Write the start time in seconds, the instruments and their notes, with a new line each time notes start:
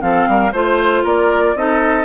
0.00 bassoon F3, clarinet C4, oboe A4, flute F5
0.28 bassoon G3, oboe A#4
0.52 bassoon A3, clarinet F4, oboe C5, flute C5
1.04 bassoon A#3, oboe A#4, flute D5
1.55 bassoon C4, clarinet D#4, oboe A4, flute D#5